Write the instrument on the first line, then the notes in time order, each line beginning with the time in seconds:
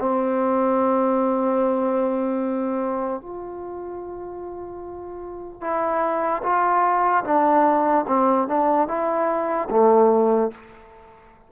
trombone
0.00 C4
3.21 F4
5.62 E4
6.43 F4
7.25 D4
8.07 C4
8.48 D4
8.88 E4
9.71 A3